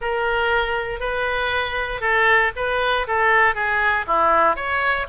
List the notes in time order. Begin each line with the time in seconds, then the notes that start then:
0.01 A#4
1.00 B4
2.00 A4
2.55 B4
3.07 A4
3.54 G#4
4.07 E4
4.55 C#5